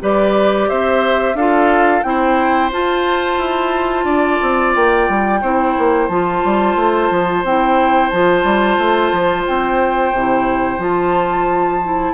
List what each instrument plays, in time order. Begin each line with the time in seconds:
0.00 bassoon G3, clarinet G4, oboe B4, flute D5
0.69 bassoon C4, oboe C5, flute E5
1.34 bassoon D4, clarinet F4, oboe A4, flute F5
2.02 bassoon C4, clarinet E4, flute G5
2.08 oboe C5
2.72 clarinet F4, bassoon F4, flute A5
3.38 bassoon E4
4.04 bassoon D4, oboe D5
4.42 bassoon C4
4.75 bassoon A#3, flute G5
5.09 bassoon G3
5.41 bassoon C4, clarinet E4, oboe C5
5.78 bassoon A#3
6.08 bassoon F3, clarinet F4, flute A5
6.44 bassoon G3
6.76 bassoon A3
7.10 bassoon F3
7.44 bassoon C4, clarinet E4, flute G5
8.09 bassoon F3, clarinet F4, flute A5
8.44 bassoon G3
8.78 bassoon A3
9.12 bassoon F3
9.47 bassoon C4, flute G5
10.13 bassoon C3, clarinet E4
10.78 bassoon F3, clarinet F4, flute A5
11.83 clarinet E4